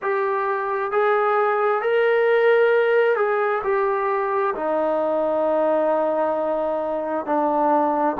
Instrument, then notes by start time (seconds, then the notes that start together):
trombone
0.02 G4
0.91 G#4
1.81 A#4
3.16 G#4
3.63 G4
4.55 D#4
7.25 D4